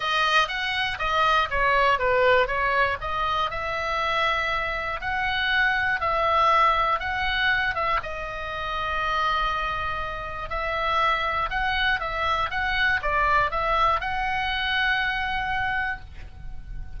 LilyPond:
\new Staff \with { instrumentName = "oboe" } { \time 4/4 \tempo 4 = 120 dis''4 fis''4 dis''4 cis''4 | b'4 cis''4 dis''4 e''4~ | e''2 fis''2 | e''2 fis''4. e''8 |
dis''1~ | dis''4 e''2 fis''4 | e''4 fis''4 d''4 e''4 | fis''1 | }